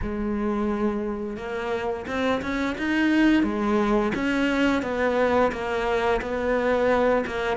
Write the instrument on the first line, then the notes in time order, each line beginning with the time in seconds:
cello
0.02 G#3
1.36 A#3
2.07 C4
2.41 C#4
2.77 D#4
3.43 G#3
4.14 C#4
4.82 B3
5.51 A#3
6.21 B3
7.26 A#3